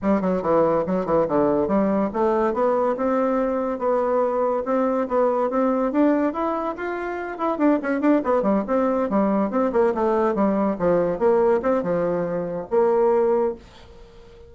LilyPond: \new Staff \with { instrumentName = "bassoon" } { \time 4/4 \tempo 4 = 142 g8 fis8 e4 fis8 e8 d4 | g4 a4 b4 c'4~ | c'4 b2 c'4 | b4 c'4 d'4 e'4 |
f'4. e'8 d'8 cis'8 d'8 b8 | g8 c'4 g4 c'8 ais8 a8~ | a8 g4 f4 ais4 c'8 | f2 ais2 | }